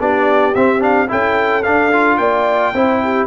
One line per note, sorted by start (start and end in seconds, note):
0.00 0.55 B3
0.00 0.55 D4
0.00 1.10 G4
0.00 0.55 D5
0.55 1.10 C4
0.55 0.80 C4
0.55 0.82 E5
0.80 1.07 D4
0.80 1.10 F5
1.09 1.66 C#4
1.09 1.63 E4
1.09 2.19 A4
1.09 1.63 G5
1.63 1.93 D4
1.63 2.19 D4
1.63 2.18 F5
1.93 2.75 F4
2.18 2.73 A#3
2.18 2.73 D5
2.18 3.27 G5
2.74 3.27 C4
2.74 3.27 E4
2.74 3.03 C5
3.03 3.27 G4